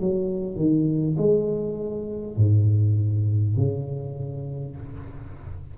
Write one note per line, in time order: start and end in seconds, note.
0.00 0.56 F#3
0.56 1.16 D#3
1.18 2.37 G#3
2.37 3.56 G#2
3.56 4.76 C#3